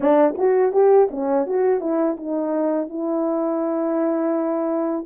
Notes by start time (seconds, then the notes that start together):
0.00 D4
0.37 F#4
0.72 G4
1.10 C#4
1.46 F#4
1.80 E4
2.17 D#4
2.89 E4